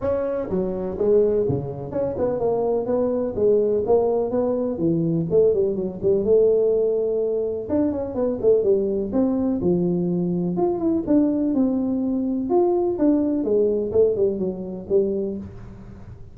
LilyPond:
\new Staff \with { instrumentName = "tuba" } { \time 4/4 \tempo 4 = 125 cis'4 fis4 gis4 cis4 | cis'8 b8 ais4 b4 gis4 | ais4 b4 e4 a8 g8 | fis8 g8 a2. |
d'8 cis'8 b8 a8 g4 c'4 | f2 f'8 e'8 d'4 | c'2 f'4 d'4 | gis4 a8 g8 fis4 g4 | }